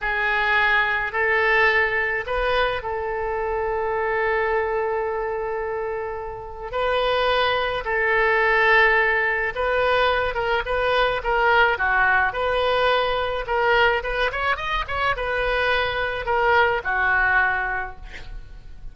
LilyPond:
\new Staff \with { instrumentName = "oboe" } { \time 4/4 \tempo 4 = 107 gis'2 a'2 | b'4 a'2.~ | a'1 | b'2 a'2~ |
a'4 b'4. ais'8 b'4 | ais'4 fis'4 b'2 | ais'4 b'8 cis''8 dis''8 cis''8 b'4~ | b'4 ais'4 fis'2 | }